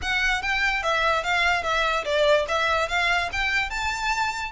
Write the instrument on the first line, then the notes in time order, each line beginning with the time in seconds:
violin
0.02 F#5
0.41 G5
0.82 E5
1.23 F5
1.63 E5
2.05 D5
2.48 E5
2.88 F5
3.32 G5
3.70 A5